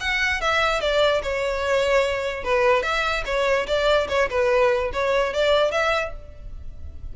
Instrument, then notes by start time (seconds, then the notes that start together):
violin
0.00 F#5
0.41 E5
0.80 D5
1.22 C#5
2.43 B4
2.82 E5
3.25 C#5
3.67 D5
4.08 C#5
4.29 B4
4.93 C#5
5.33 D5
5.71 E5